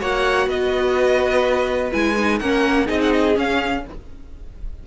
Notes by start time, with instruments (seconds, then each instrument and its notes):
0.00 cello A#3, viola F#4, violin C#5 F#5
0.47 cello B3, violin B4 D#5
1.92 cello G#3, viola E4, violin G#5
2.17 viola D#4
2.39 cello A#3, viola C#4, violin A#4 F#5
2.86 cello C4, viola D#4, violin G#4 D#5
3.01 violin F#5
3.12 violin D#5
3.35 viola C#4, cello C#4, violin F5